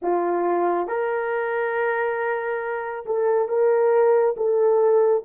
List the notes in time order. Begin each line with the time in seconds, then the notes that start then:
0.02 F4
0.87 A#4
3.05 A4
3.48 A#4
4.36 A4